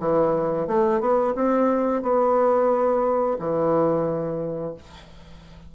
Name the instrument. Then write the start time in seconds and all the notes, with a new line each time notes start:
bassoon
0.00 E3
0.67 A3
1.01 B3
1.35 C4
2.03 B3
3.40 E3